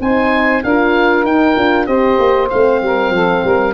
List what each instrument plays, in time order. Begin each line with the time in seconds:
0.00 tuba C4, horn D#4, saxophone C5, oboe G#5
0.64 tuba D4, horn F4, saxophone A#4, oboe F5
1.23 tuba D#4, horn D#4, oboe G5
1.56 tuba D4, horn F4
1.87 tuba C4, horn G4, saxophone C5, oboe D#5
2.19 tuba A#3
2.50 tuba A3, horn C4, oboe F5
2.82 tuba G3, saxophone A#4
3.10 tuba F3, saxophone A4
3.44 tuba G3, saxophone A#4